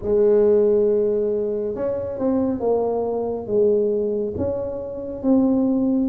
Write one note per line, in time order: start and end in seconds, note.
0.02 1.75 G#3
1.75 2.18 C#4
2.18 2.60 C4
2.60 3.47 A#3
3.47 4.34 G#3
4.37 5.23 C#4
5.23 6.09 C4